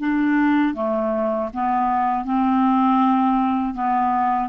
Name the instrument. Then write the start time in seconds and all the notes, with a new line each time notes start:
clarinet
0.00 D4
0.75 A3
1.54 B3
2.25 C4
3.75 B3